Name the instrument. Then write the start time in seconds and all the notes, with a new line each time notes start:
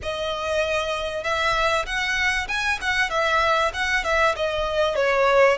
violin
0.02 D#5
1.23 E5
1.86 F#5
2.47 G#5
2.81 F#5
3.10 E5
3.73 F#5
4.04 E5
4.36 D#5
4.95 C#5